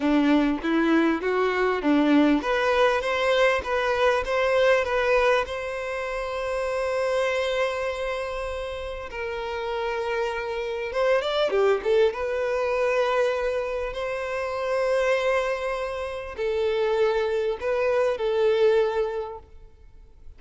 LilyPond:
\new Staff \with { instrumentName = "violin" } { \time 4/4 \tempo 4 = 99 d'4 e'4 fis'4 d'4 | b'4 c''4 b'4 c''4 | b'4 c''2.~ | c''2. ais'4~ |
ais'2 c''8 d''8 g'8 a'8 | b'2. c''4~ | c''2. a'4~ | a'4 b'4 a'2 | }